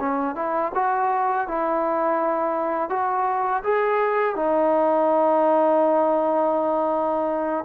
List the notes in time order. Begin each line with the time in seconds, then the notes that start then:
0.00 C#4
0.35 E4
0.75 F#4
1.48 E4
2.90 F#4
3.64 G#4
4.36 D#4